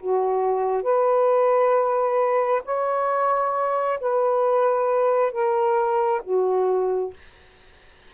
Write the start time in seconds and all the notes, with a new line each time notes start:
0.00 F#4
0.83 B4
2.65 C#5
4.01 B4
5.32 A#4
6.24 F#4